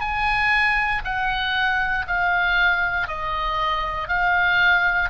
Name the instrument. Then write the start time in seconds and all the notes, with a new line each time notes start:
oboe
0.00 G#5
1.04 F#5
2.07 F5
3.07 D#5
4.08 F5